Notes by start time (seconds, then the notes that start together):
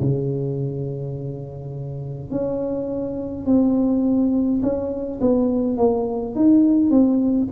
0.00 C#3
2.31 C#4
3.46 C4
4.62 C#4
5.20 B3
5.77 A#3
6.35 D#4
6.90 C4